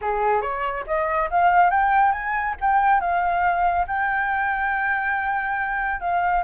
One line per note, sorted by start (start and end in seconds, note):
0.01 0.41 G#4
0.41 0.84 C#5
0.86 1.29 D#5
1.30 1.70 F5
1.70 2.12 G5
2.12 2.55 G#5
2.60 3.00 G5
3.00 3.86 F5
3.87 6.00 G5
6.00 6.43 F5